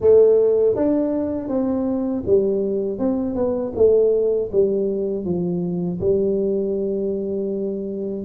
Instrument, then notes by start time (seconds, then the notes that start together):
tuba
0.00 A3
0.75 D4
1.48 C4
2.25 G3
2.98 C4
3.35 B3
3.75 A3
4.52 G3
5.25 F3
6.00 G3